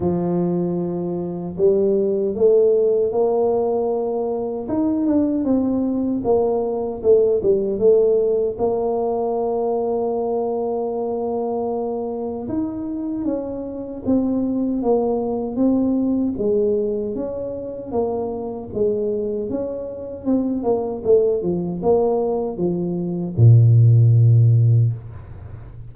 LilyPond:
\new Staff \with { instrumentName = "tuba" } { \time 4/4 \tempo 4 = 77 f2 g4 a4 | ais2 dis'8 d'8 c'4 | ais4 a8 g8 a4 ais4~ | ais1 |
dis'4 cis'4 c'4 ais4 | c'4 gis4 cis'4 ais4 | gis4 cis'4 c'8 ais8 a8 f8 | ais4 f4 ais,2 | }